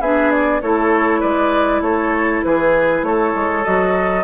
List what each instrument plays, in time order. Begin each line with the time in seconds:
0.00 bassoon B3, clarinet D4, oboe G#4, flute E5
0.31 flute D5
0.61 bassoon A3, clarinet E4, oboe A4, flute C#5
1.20 bassoon G#3, oboe B4, flute D5
1.81 bassoon A3, oboe A4, flute C#5
2.43 bassoon E3, oboe G#4, flute B4
3.02 bassoon A3, oboe A4, flute C#5
3.34 bassoon G#3
3.64 bassoon F#3, clarinet F#4, flute D#5